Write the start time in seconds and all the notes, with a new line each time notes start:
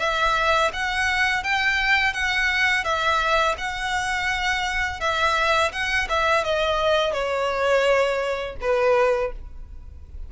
0.00 E5
0.74 F#5
1.44 G5
2.14 F#5
2.84 E5
3.58 F#5
5.01 E5
5.73 F#5
6.10 E5
6.44 D#5
7.13 C#5
8.61 B4